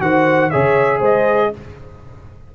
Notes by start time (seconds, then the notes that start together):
0.00 D#3 F#4 C5 F#5
0.50 C#3 G#4 C#5 E5
0.99 G#3 C5 D#5